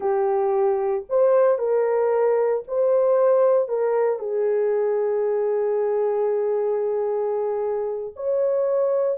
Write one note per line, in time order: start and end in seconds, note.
0.00 1.04 G4
1.09 1.58 C5
1.58 2.63 A#4
2.67 3.68 C5
3.68 4.19 A#4
4.19 8.14 G#4
8.16 9.18 C#5